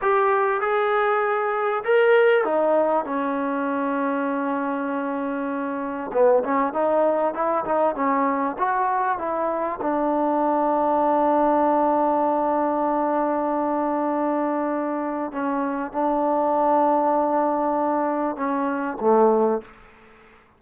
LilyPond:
\new Staff \with { instrumentName = "trombone" } { \time 4/4 \tempo 4 = 98 g'4 gis'2 ais'4 | dis'4 cis'2.~ | cis'2 b8 cis'8 dis'4 | e'8 dis'8 cis'4 fis'4 e'4 |
d'1~ | d'1~ | d'4 cis'4 d'2~ | d'2 cis'4 a4 | }